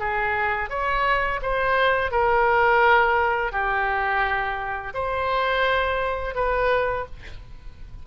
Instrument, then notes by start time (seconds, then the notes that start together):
oboe
0.00 G#4
0.70 C#5
1.42 C5
2.11 A#4
3.53 G4
4.94 C5
6.35 B4